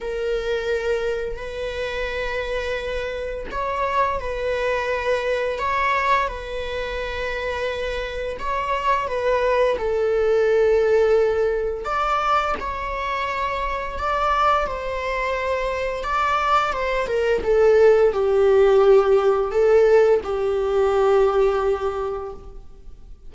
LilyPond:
\new Staff \with { instrumentName = "viola" } { \time 4/4 \tempo 4 = 86 ais'2 b'2~ | b'4 cis''4 b'2 | cis''4 b'2. | cis''4 b'4 a'2~ |
a'4 d''4 cis''2 | d''4 c''2 d''4 | c''8 ais'8 a'4 g'2 | a'4 g'2. | }